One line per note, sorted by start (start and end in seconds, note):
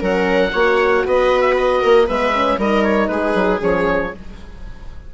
0.00 0.53 F#3
0.00 0.51 C#4
0.00 0.52 A#4
0.00 1.07 F#5
0.53 1.05 A#3
0.53 2.09 F#4
0.53 1.04 C#5
1.06 1.83 B3
1.06 1.81 B4
1.06 1.41 D#5
1.41 1.54 E5
1.57 2.09 D#5
1.81 2.09 A#3
1.81 2.06 A#4
2.07 2.58 G#3
2.07 2.34 B3
2.07 2.58 B4
2.07 2.60 E5
2.34 2.59 C#4
2.58 3.09 G3
2.58 3.60 D#4
2.58 3.10 A#4
2.58 2.84 D#5
2.84 3.08 C#5
3.08 3.34 G#3
3.08 4.14 G#4
3.08 3.59 B4
3.35 3.60 F#3
3.60 4.14 F3
3.60 4.11 C#4
3.60 4.14 C#5